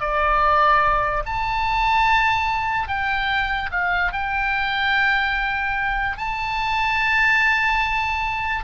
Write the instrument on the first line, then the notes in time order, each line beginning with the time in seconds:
oboe
0.00 D5
1.26 A5
2.88 G5
3.71 F5
4.12 G5
6.18 A5